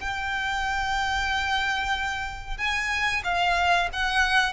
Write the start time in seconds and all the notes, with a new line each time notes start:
0.00 G5
2.58 G#5
3.24 F5
3.93 F#5